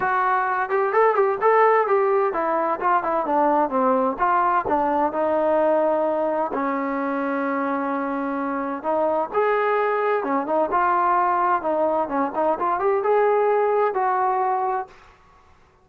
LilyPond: \new Staff \with { instrumentName = "trombone" } { \time 4/4 \tempo 4 = 129 fis'4. g'8 a'8 g'8 a'4 | g'4 e'4 f'8 e'8 d'4 | c'4 f'4 d'4 dis'4~ | dis'2 cis'2~ |
cis'2. dis'4 | gis'2 cis'8 dis'8 f'4~ | f'4 dis'4 cis'8 dis'8 f'8 g'8 | gis'2 fis'2 | }